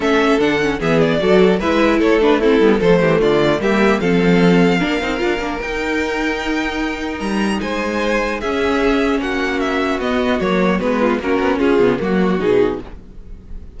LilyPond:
<<
  \new Staff \with { instrumentName = "violin" } { \time 4/4 \tempo 4 = 150 e''4 fis''4 e''8 d''4. | e''4 cis''8 b'8 a'4 c''4 | d''4 e''4 f''2~ | f''2 g''2~ |
g''2 ais''4 gis''4~ | gis''4 e''2 fis''4 | e''4 dis''4 cis''4 b'4 | ais'4 gis'4 fis'4 gis'4 | }
  \new Staff \with { instrumentName = "violin" } { \time 4/4 a'2 gis'4 a'4 | b'4 a'4 e'4 a'8 g'8 | f'4 g'4 a'2 | ais'1~ |
ais'2. c''4~ | c''4 gis'2 fis'4~ | fis'2.~ fis'8 f'8 | fis'4 f'4 fis'2 | }
  \new Staff \with { instrumentName = "viola" } { \time 4/4 cis'4 d'8 cis'8 b4 fis'4 | e'4. d'8 c'8 b8 a4~ | a4 ais4 c'2 | d'8 dis'8 f'8 d'8 dis'2~ |
dis'1~ | dis'4 cis'2.~ | cis'4 b4 ais4 b4 | cis'4. b8 ais4 dis'4 | }
  \new Staff \with { instrumentName = "cello" } { \time 4/4 a4 d4 e4 fis4 | gis4 a4. g8 f8 e8 | d4 g4 f2 | ais8 c'8 d'8 ais8 dis'2~ |
dis'2 g4 gis4~ | gis4 cis'2 ais4~ | ais4 b4 fis4 gis4 | ais8 b8 cis'8 cis8 fis4 b,4 | }
>>